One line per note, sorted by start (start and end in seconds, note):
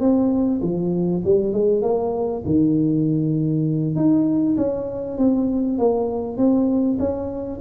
0.00 0.61 C4
0.61 1.22 F3
1.24 1.53 G3
1.53 1.82 G#3
1.82 2.42 A#3
2.45 3.95 D#3
3.95 4.56 D#4
4.57 5.17 C#4
5.17 5.78 C4
5.78 6.37 A#3
6.37 6.98 C4
6.99 7.60 C#4